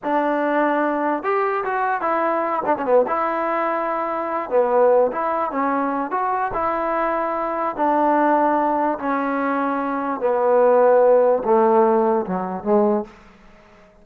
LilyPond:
\new Staff \with { instrumentName = "trombone" } { \time 4/4 \tempo 4 = 147 d'2. g'4 | fis'4 e'4. d'16 cis'16 b8 e'8~ | e'2. b4~ | b8 e'4 cis'4. fis'4 |
e'2. d'4~ | d'2 cis'2~ | cis'4 b2. | a2 fis4 gis4 | }